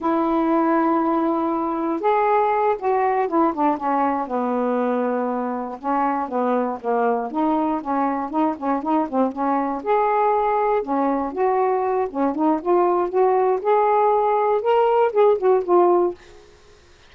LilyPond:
\new Staff \with { instrumentName = "saxophone" } { \time 4/4 \tempo 4 = 119 e'1 | gis'4. fis'4 e'8 d'8 cis'8~ | cis'8 b2. cis'8~ | cis'8 b4 ais4 dis'4 cis'8~ |
cis'8 dis'8 cis'8 dis'8 c'8 cis'4 gis'8~ | gis'4. cis'4 fis'4. | cis'8 dis'8 f'4 fis'4 gis'4~ | gis'4 ais'4 gis'8 fis'8 f'4 | }